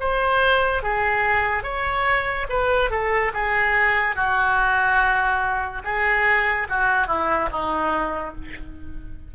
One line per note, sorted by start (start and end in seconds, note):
0.00 0.83 C5
0.83 1.63 G#4
1.63 2.47 C#5
2.49 2.90 B4
2.90 3.32 A4
3.33 4.16 G#4
4.16 5.82 F#4
5.84 6.67 G#4
6.69 7.07 F#4
7.07 7.49 E4
7.52 8.35 D#4